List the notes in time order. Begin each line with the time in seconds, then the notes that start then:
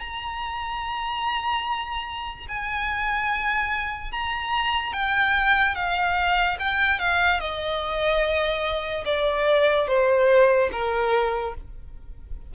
0.00 A#5
2.48 G#5
4.12 A#5
4.93 G5
5.75 F5
6.59 G5
6.99 F5
7.40 D#5
9.05 D5
9.88 C5
10.72 A#4